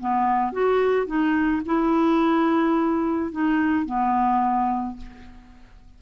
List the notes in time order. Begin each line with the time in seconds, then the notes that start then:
0.00 B3
0.52 F#4
1.06 D#4
1.66 E4
3.31 D#4
3.85 B3